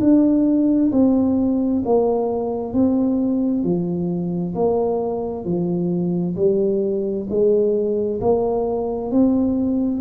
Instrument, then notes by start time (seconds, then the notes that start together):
tuba
0.00 D4
0.92 C4
1.85 A#3
2.73 C4
3.63 F3
4.55 A#3
5.45 F3
6.36 G3
7.29 G#3
8.21 A#3
9.11 C4